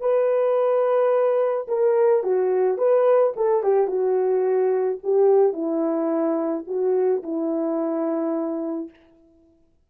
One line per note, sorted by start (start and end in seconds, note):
0.00 1.67 B4
1.67 2.23 A#4
2.23 2.78 F#4
2.78 3.33 B4
3.36 3.63 A4
3.63 3.87 G4
3.87 4.98 F#4
5.03 5.53 G4
5.53 6.64 E4
6.67 7.22 F#4
7.23 8.89 E4